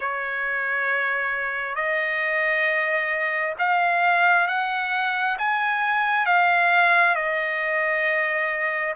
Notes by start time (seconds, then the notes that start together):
0.00 C#5
1.75 D#5
3.58 F5
4.47 F#5
5.38 G#5
6.26 F5
7.15 D#5